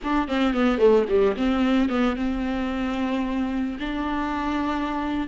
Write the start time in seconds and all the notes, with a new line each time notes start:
0.03 D4
0.28 C4
0.54 B3
0.78 A3
1.08 G3
1.36 C4
1.89 B3
2.16 C4
3.79 D4